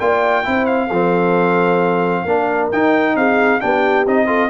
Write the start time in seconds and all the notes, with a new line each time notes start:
0.00 A#3 F4 D5 G5
0.44 C4 E4 C5
0.66 F5
0.87 F3 C4 A4
2.24 A#3 D4 A#4
2.72 D#4 G5
3.16 C4 G#4 F5
3.61 B3 D4 G4 G5
4.06 C4 D#4 D#5
4.27 F4 A4